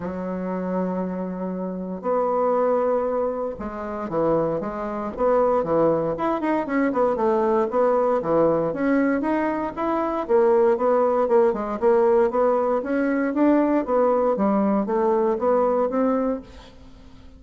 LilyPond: \new Staff \with { instrumentName = "bassoon" } { \time 4/4 \tempo 4 = 117 fis1 | b2. gis4 | e4 gis4 b4 e4 | e'8 dis'8 cis'8 b8 a4 b4 |
e4 cis'4 dis'4 e'4 | ais4 b4 ais8 gis8 ais4 | b4 cis'4 d'4 b4 | g4 a4 b4 c'4 | }